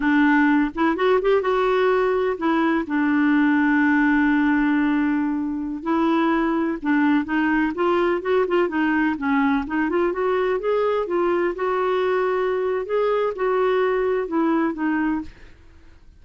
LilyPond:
\new Staff \with { instrumentName = "clarinet" } { \time 4/4 \tempo 4 = 126 d'4. e'8 fis'8 g'8 fis'4~ | fis'4 e'4 d'2~ | d'1~ | d'16 e'2 d'4 dis'8.~ |
dis'16 f'4 fis'8 f'8 dis'4 cis'8.~ | cis'16 dis'8 f'8 fis'4 gis'4 f'8.~ | f'16 fis'2~ fis'8. gis'4 | fis'2 e'4 dis'4 | }